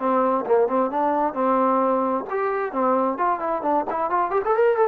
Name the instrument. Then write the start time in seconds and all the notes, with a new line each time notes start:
trombone
0.00 C4
0.46 A#3
0.68 C4
0.91 D4
1.34 C4
2.31 G4
2.73 C4
3.18 F4
3.40 E4
3.63 D4
3.91 E4
4.11 F4
4.31 G4
4.45 A4
4.57 A#4
4.77 A4